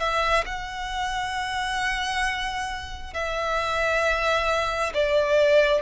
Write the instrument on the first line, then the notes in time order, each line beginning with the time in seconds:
violin
0.00 E5
0.46 F#5
3.14 E5
4.94 D5